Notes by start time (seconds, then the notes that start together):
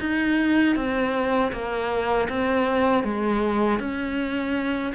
0.00 D#4
0.76 C4
1.53 A#3
2.29 C4
3.04 G#3
3.80 C#4